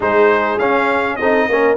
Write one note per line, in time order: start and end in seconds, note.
0.00 0.59 G#3
0.00 0.59 D#4
0.00 1.18 G#4
0.00 0.58 C5
0.58 1.18 C#4
0.58 1.20 C#4
0.58 1.15 F5
1.15 1.48 C4
1.15 1.50 D#4
1.15 1.48 A4
1.15 1.75 D#5
1.48 1.76 A#3
1.48 1.76 C#4
1.48 1.76 A#4